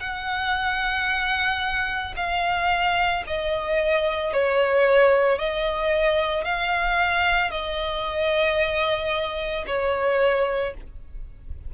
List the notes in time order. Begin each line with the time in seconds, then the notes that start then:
0.00 F#5
2.16 F5
3.27 D#5
4.33 C#5
5.39 D#5
6.44 F5
7.51 D#5
9.67 C#5